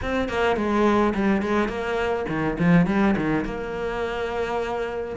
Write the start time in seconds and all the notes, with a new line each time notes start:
0.02 C4
0.29 A#3
0.56 G#3
1.14 G3
1.42 G#3
1.68 A#3
2.29 D#3
2.58 F3
2.86 G3
3.16 D#3
3.44 A#3